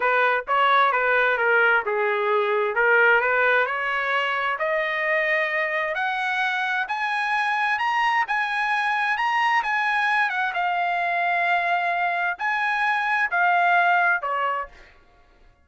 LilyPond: \new Staff \with { instrumentName = "trumpet" } { \time 4/4 \tempo 4 = 131 b'4 cis''4 b'4 ais'4 | gis'2 ais'4 b'4 | cis''2 dis''2~ | dis''4 fis''2 gis''4~ |
gis''4 ais''4 gis''2 | ais''4 gis''4. fis''8 f''4~ | f''2. gis''4~ | gis''4 f''2 cis''4 | }